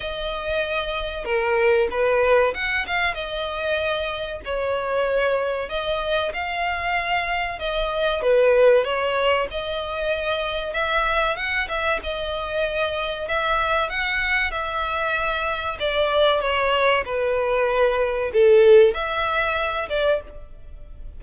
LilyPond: \new Staff \with { instrumentName = "violin" } { \time 4/4 \tempo 4 = 95 dis''2 ais'4 b'4 | fis''8 f''8 dis''2 cis''4~ | cis''4 dis''4 f''2 | dis''4 b'4 cis''4 dis''4~ |
dis''4 e''4 fis''8 e''8 dis''4~ | dis''4 e''4 fis''4 e''4~ | e''4 d''4 cis''4 b'4~ | b'4 a'4 e''4. d''8 | }